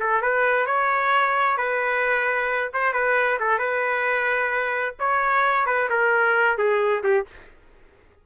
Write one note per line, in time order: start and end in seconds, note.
0.00 0.22 A4
0.22 0.67 B4
0.67 1.58 C#5
1.58 2.71 B4
2.74 2.93 C5
2.93 3.39 B4
3.40 3.59 A4
3.59 4.95 B4
5.00 5.67 C#5
5.67 5.89 B4
5.90 6.58 A#4
6.58 7.04 G#4
7.04 7.27 G4